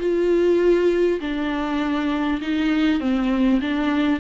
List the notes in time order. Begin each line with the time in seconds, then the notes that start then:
0.00 F4
1.21 D4
2.42 D#4
3.01 C4
3.61 D4